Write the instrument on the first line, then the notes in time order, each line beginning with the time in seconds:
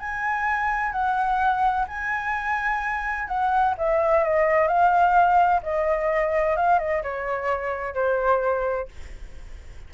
flute
0.00 G#5
0.92 F#5
1.88 G#5
3.28 F#5
3.78 E5
4.24 D#5
4.68 F5
5.63 D#5
6.57 F5
6.79 D#5
7.03 C#5
7.95 C5